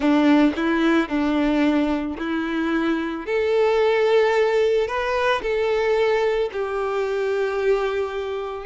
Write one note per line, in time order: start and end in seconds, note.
0.00 0.53 D4
0.56 1.08 E4
1.08 2.16 D4
2.18 3.26 E4
3.26 4.87 A4
4.87 5.41 B4
5.42 6.50 A4
6.52 8.66 G4